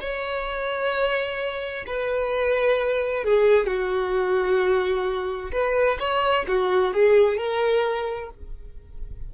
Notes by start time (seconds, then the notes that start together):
0.00 C#5
1.86 B4
3.24 G#4
3.66 F#4
5.52 B4
6.00 C#5
6.48 F#4
6.94 G#4
7.38 A#4